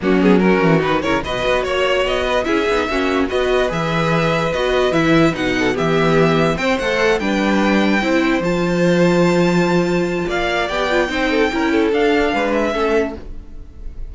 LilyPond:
<<
  \new Staff \with { instrumentName = "violin" } { \time 4/4 \tempo 4 = 146 fis'8 gis'8 ais'4 b'8 cis''8 dis''4 | cis''4 dis''4 e''2 | dis''4 e''2 dis''4 | e''4 fis''4 e''2 |
g''8 fis''4 g''2~ g''8~ | g''8 a''2.~ a''8~ | a''4 f''4 g''2~ | g''4 f''4. e''4. | }
  \new Staff \with { instrumentName = "violin" } { \time 4/4 cis'4 fis'4. ais'8 b'4 | cis''4. b'8 gis'4 fis'4 | b'1~ | b'4. a'8 g'2 |
c''4. b'2 c''8~ | c''1~ | c''4 d''2 c''8 a'8 | ais'8 a'4. b'4 a'4 | }
  \new Staff \with { instrumentName = "viola" } { \time 4/4 ais8 b8 cis'4 dis'8 e'8 fis'4~ | fis'2 e'8 dis'8 cis'4 | fis'4 gis'2 fis'4 | e'4 dis'4 b2 |
c'8 a'4 d'2 e'8~ | e'8 f'2.~ f'8~ | f'2 g'8 f'8 dis'4 | e'4 d'2 cis'4 | }
  \new Staff \with { instrumentName = "cello" } { \time 4/4 fis4. e8 dis8 cis8 b,8 b8 | ais4 b4 cis'8 b8 ais4 | b4 e2 b4 | e4 b,4 e2 |
c'8 a4 g2 c'8~ | c'8 f2.~ f8~ | f4 ais4 b4 c'4 | cis'4 d'4 gis4 a4 | }
>>